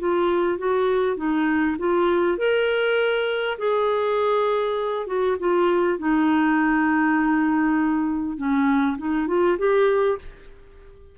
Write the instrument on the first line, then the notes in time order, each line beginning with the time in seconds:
clarinet
0.00 F4
0.59 F#4
1.17 D#4
1.79 F4
2.38 A#4
3.59 G#4
5.07 F#4
5.40 F4
5.99 D#4
8.38 C#4
8.98 D#4
9.28 F4
9.59 G4